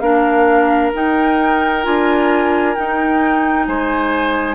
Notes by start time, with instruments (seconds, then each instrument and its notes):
0.00 bassoon A#3, clarinet D4, oboe A#4, flute F5
0.94 clarinet D#4, bassoon D#4, flute G5
1.84 bassoon D4, clarinet F4, flute G#5
2.75 clarinet D#4, bassoon D#4, flute G5
3.66 bassoon G#3, oboe C5, flute G#5